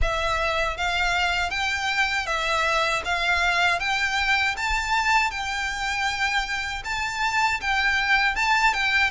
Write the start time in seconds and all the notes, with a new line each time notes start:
0.01 E5
0.77 F5
1.50 G5
2.26 E5
3.04 F5
3.79 G5
4.56 A5
5.31 G5
6.84 A5
7.60 G5
8.35 A5
8.73 G5